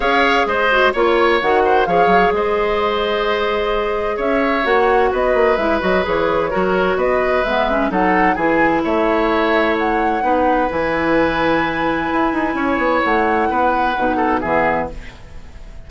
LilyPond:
<<
  \new Staff \with { instrumentName = "flute" } { \time 4/4 \tempo 4 = 129 f''4 dis''4 cis''4 fis''4 | f''4 dis''2.~ | dis''4 e''4 fis''4 dis''4 | e''8 dis''8 cis''2 dis''4 |
e''4 fis''4 gis''4 e''4~ | e''4 fis''2 gis''4~ | gis''1 | fis''2. e''4 | }
  \new Staff \with { instrumentName = "oboe" } { \time 4/4 cis''4 c''4 cis''4. c''8 | cis''4 c''2.~ | c''4 cis''2 b'4~ | b'2 ais'4 b'4~ |
b'4 a'4 gis'4 cis''4~ | cis''2 b'2~ | b'2. cis''4~ | cis''4 b'4. a'8 gis'4 | }
  \new Staff \with { instrumentName = "clarinet" } { \time 4/4 gis'4. fis'8 f'4 fis'4 | gis'1~ | gis'2 fis'2 | e'8 fis'8 gis'4 fis'2 |
b8 cis'8 dis'4 e'2~ | e'2 dis'4 e'4~ | e'1~ | e'2 dis'4 b4 | }
  \new Staff \with { instrumentName = "bassoon" } { \time 4/4 cis'4 gis4 ais4 dis4 | f8 fis8 gis2.~ | gis4 cis'4 ais4 b8 ais8 | gis8 fis8 e4 fis4 b4 |
gis4 fis4 e4 a4~ | a2 b4 e4~ | e2 e'8 dis'8 cis'8 b8 | a4 b4 b,4 e4 | }
>>